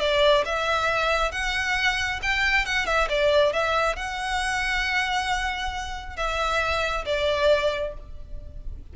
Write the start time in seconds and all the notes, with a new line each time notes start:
0.00 D5
0.45 E5
1.32 F#5
2.23 G5
2.66 F#5
2.86 E5
3.09 D5
3.53 E5
3.96 F#5
6.16 E5
7.05 D5